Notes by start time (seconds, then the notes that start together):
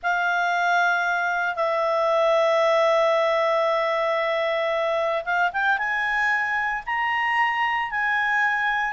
0.03 F5
1.55 E5
5.24 F5
5.53 G5
5.78 G#5
6.85 A#5
7.90 G#5